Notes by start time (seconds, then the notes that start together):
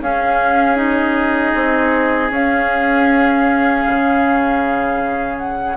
0.00 C#4 G#4 F5
0.76 D#4 D#5
1.54 C4
2.30 C#4 F5
3.87 C#3
5.38 F#5